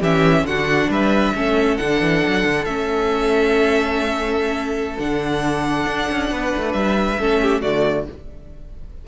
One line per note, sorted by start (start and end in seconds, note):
0.00 0.44 E3
0.00 0.48 C#4
0.00 0.44 G4
0.00 0.47 E5
0.44 0.88 D3
0.44 1.36 D4
0.44 0.91 F#4
0.44 0.91 F#5
0.89 1.34 G3
0.89 1.35 B4
0.89 1.77 E5
1.35 1.79 A3
1.35 1.80 C#4
1.35 6.32 A4
1.77 2.01 D3
1.77 2.68 D4
1.77 2.65 F#5
2.01 2.23 E3
2.27 2.44 F#3
2.44 2.66 D3
2.65 4.98 A3
2.65 4.99 C#4
2.65 4.97 E5
4.99 5.86 D3
4.99 7.20 D4
4.99 6.73 F#5
5.86 6.08 D4
6.12 6.32 C#4
6.32 6.54 B3
6.32 7.20 B4
6.58 6.74 A3
6.73 7.18 G3
6.73 7.61 E5
7.20 7.64 A3
7.20 7.63 C#4
7.20 7.42 A4
7.42 7.62 G4
7.62 8.08 D3
7.62 8.07 A3
7.62 8.06 F#4
7.62 8.06 D5